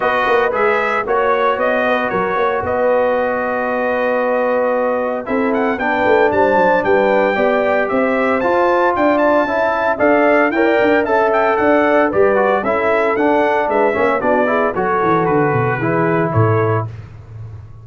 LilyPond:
<<
  \new Staff \with { instrumentName = "trumpet" } { \time 4/4 \tempo 4 = 114 dis''4 e''4 cis''4 dis''4 | cis''4 dis''2.~ | dis''2 e''8 fis''8 g''4 | a''4 g''2 e''4 |
a''4 g''8 a''4. f''4 | g''4 a''8 g''8 fis''4 d''4 | e''4 fis''4 e''4 d''4 | cis''4 b'2 cis''4 | }
  \new Staff \with { instrumentName = "horn" } { \time 4/4 b'2 cis''4. b'8 | ais'8 cis''8 b'2.~ | b'2 a'4 b'4 | c''4 b'4 d''4 c''4~ |
c''4 d''4 e''4 d''4 | cis''16 d''8. e''4 d''4 b'4 | a'2 b'8 cis''8 fis'8 gis'8 | a'2 gis'4 a'4 | }
  \new Staff \with { instrumentName = "trombone" } { \time 4/4 fis'4 gis'4 fis'2~ | fis'1~ | fis'2 e'4 d'4~ | d'2 g'2 |
f'2 e'4 a'4 | ais'4 a'2 g'8 fis'8 | e'4 d'4. cis'8 d'8 e'8 | fis'2 e'2 | }
  \new Staff \with { instrumentName = "tuba" } { \time 4/4 b8 ais8 gis4 ais4 b4 | fis8 ais8 b2.~ | b2 c'4 b8 a8 | g8 fis8 g4 b4 c'4 |
f'4 d'4 cis'4 d'4 | e'8 d'8 cis'4 d'4 g4 | cis'4 d'4 gis8 ais8 b4 | fis8 e8 d8 b,8 e4 a,4 | }
>>